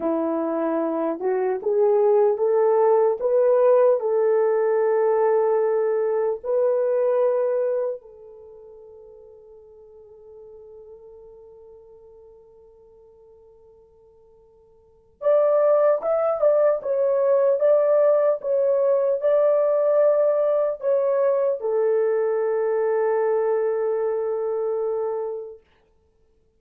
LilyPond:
\new Staff \with { instrumentName = "horn" } { \time 4/4 \tempo 4 = 75 e'4. fis'8 gis'4 a'4 | b'4 a'2. | b'2 a'2~ | a'1~ |
a'2. d''4 | e''8 d''8 cis''4 d''4 cis''4 | d''2 cis''4 a'4~ | a'1 | }